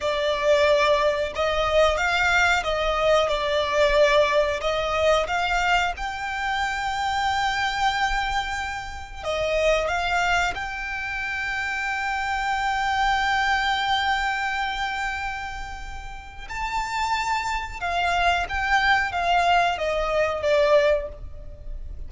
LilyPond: \new Staff \with { instrumentName = "violin" } { \time 4/4 \tempo 4 = 91 d''2 dis''4 f''4 | dis''4 d''2 dis''4 | f''4 g''2.~ | g''2 dis''4 f''4 |
g''1~ | g''1~ | g''4 a''2 f''4 | g''4 f''4 dis''4 d''4 | }